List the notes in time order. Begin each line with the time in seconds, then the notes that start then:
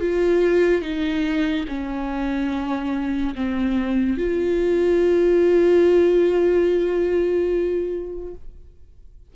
0.00 F4
0.82 D#4
1.68 C#4
3.35 C4
4.17 F4